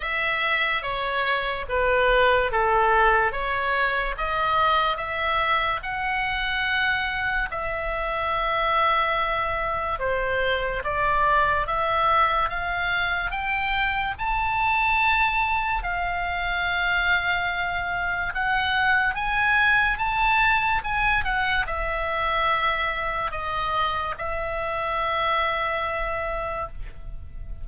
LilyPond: \new Staff \with { instrumentName = "oboe" } { \time 4/4 \tempo 4 = 72 e''4 cis''4 b'4 a'4 | cis''4 dis''4 e''4 fis''4~ | fis''4 e''2. | c''4 d''4 e''4 f''4 |
g''4 a''2 f''4~ | f''2 fis''4 gis''4 | a''4 gis''8 fis''8 e''2 | dis''4 e''2. | }